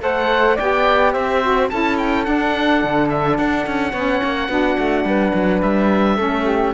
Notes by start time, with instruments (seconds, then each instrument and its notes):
0.00 cello A3, saxophone A4, flute C5, oboe F#5
0.55 cello B3, saxophone G4, flute D5, oboe G5
1.13 cello C4, flute C5, oboe E5
1.42 saxophone F#4
1.69 cello C#4, saxophone E4, flute A4, oboe A5
1.97 oboe G5
2.24 saxophone D4, cello D4, oboe F#5
2.83 cello D3
3.09 oboe E5
3.37 cello D4, oboe F#5
3.66 cello C#4
3.91 cello B3, saxophone C#4, flute C#5
4.23 cello A#3
4.48 cello B3, saxophone D4, flute F#4
4.78 cello A3
5.04 cello G3, flute B4
5.34 cello F#3
5.62 cello G3, oboe E5
6.16 cello A3, saxophone C#4, flute A4
6.45 flute G4